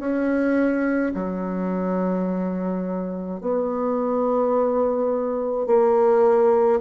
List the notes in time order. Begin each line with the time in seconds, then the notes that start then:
0.00 C#4
1.15 F#3
3.41 B3
5.67 A#3